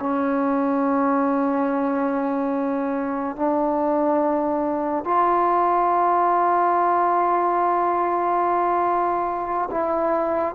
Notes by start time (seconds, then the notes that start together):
0.00 C#4
3.36 D4
5.05 F4
9.71 E4